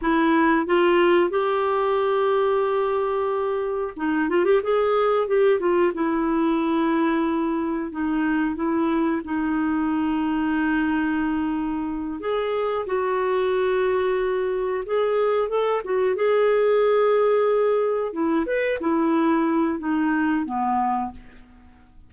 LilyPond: \new Staff \with { instrumentName = "clarinet" } { \time 4/4 \tempo 4 = 91 e'4 f'4 g'2~ | g'2 dis'8 f'16 g'16 gis'4 | g'8 f'8 e'2. | dis'4 e'4 dis'2~ |
dis'2~ dis'8 gis'4 fis'8~ | fis'2~ fis'8 gis'4 a'8 | fis'8 gis'2. e'8 | b'8 e'4. dis'4 b4 | }